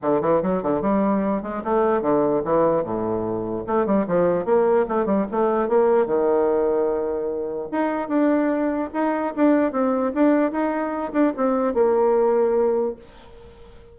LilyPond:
\new Staff \with { instrumentName = "bassoon" } { \time 4/4 \tempo 4 = 148 d8 e8 fis8 d8 g4. gis8 | a4 d4 e4 a,4~ | a,4 a8 g8 f4 ais4 | a8 g8 a4 ais4 dis4~ |
dis2. dis'4 | d'2 dis'4 d'4 | c'4 d'4 dis'4. d'8 | c'4 ais2. | }